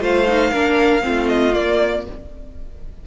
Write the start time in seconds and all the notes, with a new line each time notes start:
0.00 A3 F4 C5 F5
0.28 D#4
0.51 A#3 D4 A#4
1.02 A3 C4 F4
1.29 D#5
1.54 A#3 D5